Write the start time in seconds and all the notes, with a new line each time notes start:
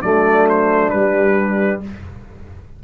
0.00 F#3 A3 D4 D5
0.49 C5
0.90 G3 B4